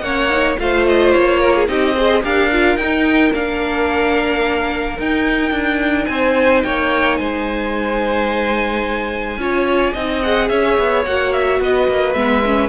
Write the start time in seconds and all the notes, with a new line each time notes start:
0.00 A#3 C#4 C#5 F#5
0.29 D#4
0.57 A3 F4 C5 F5
0.87 D#5
1.11 A#3 C#5
1.39 A#4
1.54 G#4
1.67 C4 D#4 G4 D#5
1.94 G#4 C5
2.23 D4 G4 A#4 F5
2.51 F4
2.76 D#4 G5
3.33 A#3 D4 F5
4.98 D#4 G5
5.51 D4
6.06 C4 C5 G#5
6.62 A#3 C#5 G5
7.16 G#3 C5 G#5
9.37 C#4 F4 C#5
9.93 C4 D#4 D#5
10.22 G#4 F#5
10.48 C#4 C#5 E5
10.78 B3
11.05 A#3 F#4 F#5
11.32 E5
11.59 B3 B4 D#5
11.87 A#3
12.13 G#3 B3 E5
12.45 C#4